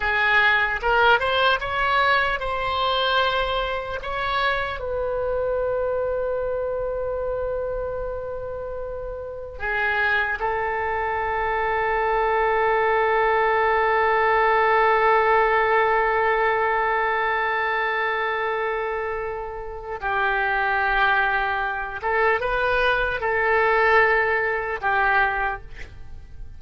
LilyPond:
\new Staff \with { instrumentName = "oboe" } { \time 4/4 \tempo 4 = 75 gis'4 ais'8 c''8 cis''4 c''4~ | c''4 cis''4 b'2~ | b'1 | gis'4 a'2.~ |
a'1~ | a'1~ | a'4 g'2~ g'8 a'8 | b'4 a'2 g'4 | }